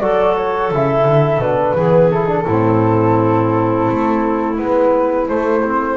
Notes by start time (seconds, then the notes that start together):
0.00 F#3 F#4 A4 D5
0.37 C#5
0.72 C#3 E4 E5
1.05 D3
1.38 B2 D4 B4
1.75 E3 B3 G#4
2.11 E4 A4
2.27 D4
2.45 A2 C4 E4
3.88 A3
4.57 G#3 B3 B4
5.27 A3 C5
5.63 C4